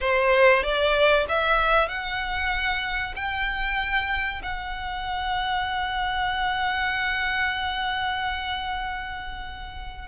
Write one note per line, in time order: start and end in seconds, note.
0.00 0.63 C5
0.63 1.26 D5
1.28 1.88 E5
1.88 3.14 F#5
3.16 4.42 G5
4.42 10.08 F#5